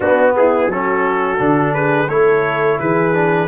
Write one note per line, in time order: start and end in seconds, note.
0.00 0.67 B3
0.00 0.71 B3
0.00 0.33 D4
0.00 0.35 F#4
0.36 0.70 E4
0.36 0.70 G#4
0.67 1.36 F#3
0.67 1.38 C#4
0.67 1.74 F#4
0.67 1.74 A4
1.38 2.07 D3
1.38 2.08 D4
1.74 2.09 G#4
1.74 2.08 B4
2.07 2.77 A3
2.07 3.13 E4
2.07 2.80 A4
2.07 2.78 C#5
2.79 3.47 E3
2.79 3.47 G#4
2.79 3.47 B4
3.13 3.47 D4